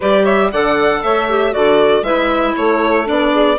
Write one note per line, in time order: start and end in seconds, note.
0.00 0.52 G3
0.00 0.52 G4
0.00 0.23 B4
0.00 0.25 D5
0.23 0.49 C#5
0.23 0.50 E5
0.51 1.03 D3
0.51 1.29 A4
0.51 1.02 D5
0.51 1.03 F#5
1.03 1.54 A3
1.03 1.54 C#5
1.03 1.53 E5
1.29 1.51 G4
1.51 2.02 D3
1.51 2.03 F#4
1.51 2.03 A4
1.51 2.03 D5
2.02 2.53 G#3
2.02 3.04 E4
2.02 2.54 B4
2.02 2.54 E5
2.56 3.08 A3
2.56 3.32 A4
2.56 3.07 C#5
3.04 3.58 B3
3.04 3.56 D4
3.04 3.58 D5
3.32 3.57 G#4